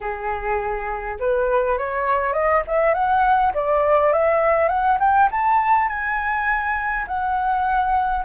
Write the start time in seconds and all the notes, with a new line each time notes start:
0.00 G#4
1.19 B4
1.78 C#5
2.33 D#5
2.67 E5
2.94 F#5
3.53 D5
4.12 E5
4.68 F#5
4.99 G5
5.31 A5
5.88 G#5
7.07 F#5